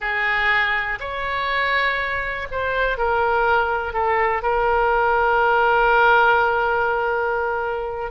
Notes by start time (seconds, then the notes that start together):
0.00 G#4
1.00 C#5
2.51 C5
2.97 A#4
3.93 A4
4.42 A#4